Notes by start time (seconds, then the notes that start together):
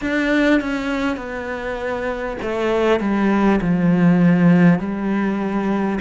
0.01 D4
0.61 C#4
1.17 B3
2.42 A3
2.99 G3
3.61 F3
4.79 G3